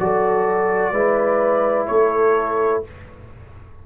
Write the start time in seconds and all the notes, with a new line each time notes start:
0.00 F#3 F#4 A4 D5
0.92 G#3 E4 B4
1.87 A3 A4 C#5